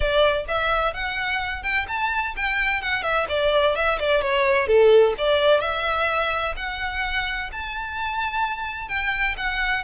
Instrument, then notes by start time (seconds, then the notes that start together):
violin
0.00 D5
0.48 E5
0.93 F#5
1.62 G5
1.88 A5
2.36 G5
2.81 F#5
3.02 E5
3.28 D5
3.75 E5
3.99 D5
4.21 C#5
4.67 A4
5.18 D5
5.60 E5
6.56 F#5
7.52 A5
8.88 G5
9.37 F#5